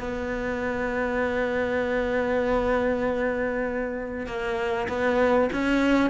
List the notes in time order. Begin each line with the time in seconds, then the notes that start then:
0.00 B3
4.27 A#3
4.89 B3
5.53 C#4